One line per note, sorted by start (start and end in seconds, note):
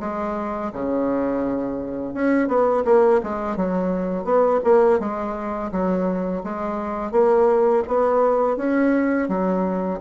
0.00 0.71 G#3
0.73 2.14 C#3
2.14 2.48 C#4
2.48 2.83 B3
2.85 3.20 A#3
3.23 3.56 G#3
3.56 4.24 F#3
4.24 4.60 B3
4.64 4.99 A#3
5.00 5.71 G#3
5.71 6.43 F#3
6.44 7.12 G#3
7.12 7.83 A#3
7.88 8.57 B3
8.57 9.28 C#4
9.28 10.00 F#3